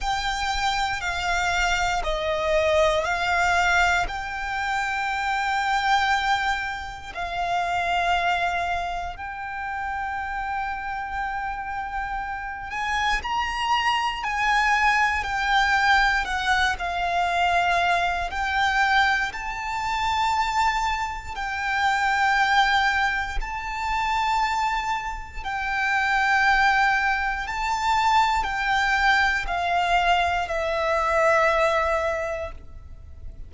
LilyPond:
\new Staff \with { instrumentName = "violin" } { \time 4/4 \tempo 4 = 59 g''4 f''4 dis''4 f''4 | g''2. f''4~ | f''4 g''2.~ | g''8 gis''8 ais''4 gis''4 g''4 |
fis''8 f''4. g''4 a''4~ | a''4 g''2 a''4~ | a''4 g''2 a''4 | g''4 f''4 e''2 | }